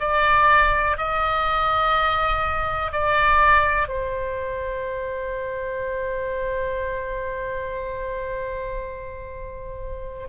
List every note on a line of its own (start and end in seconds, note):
0.00 0.97 D5
0.97 2.92 D#5
2.92 3.89 D5
3.89 10.28 C5